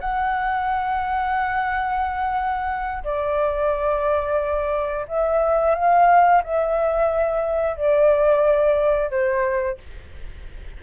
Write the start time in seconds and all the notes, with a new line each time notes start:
0.00 F#5
3.03 D5
5.07 E5
5.75 F5
6.43 E5
7.76 D5
9.10 C5